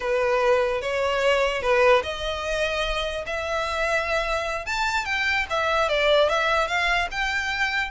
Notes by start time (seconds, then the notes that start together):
0.00 B4
0.81 C#5
1.61 B4
2.03 D#5
3.26 E5
4.66 A5
5.05 G5
5.49 E5
5.88 D5
6.29 E5
6.67 F5
7.11 G5